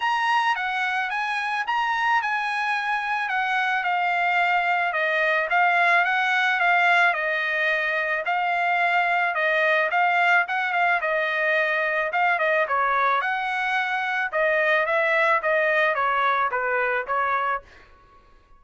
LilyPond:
\new Staff \with { instrumentName = "trumpet" } { \time 4/4 \tempo 4 = 109 ais''4 fis''4 gis''4 ais''4 | gis''2 fis''4 f''4~ | f''4 dis''4 f''4 fis''4 | f''4 dis''2 f''4~ |
f''4 dis''4 f''4 fis''8 f''8 | dis''2 f''8 dis''8 cis''4 | fis''2 dis''4 e''4 | dis''4 cis''4 b'4 cis''4 | }